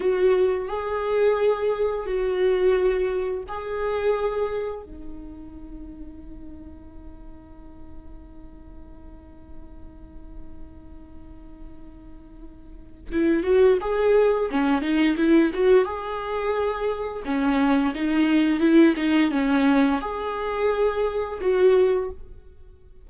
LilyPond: \new Staff \with { instrumentName = "viola" } { \time 4/4 \tempo 4 = 87 fis'4 gis'2 fis'4~ | fis'4 gis'2 dis'4~ | dis'1~ | dis'1~ |
dis'2. e'8 fis'8 | gis'4 cis'8 dis'8 e'8 fis'8 gis'4~ | gis'4 cis'4 dis'4 e'8 dis'8 | cis'4 gis'2 fis'4 | }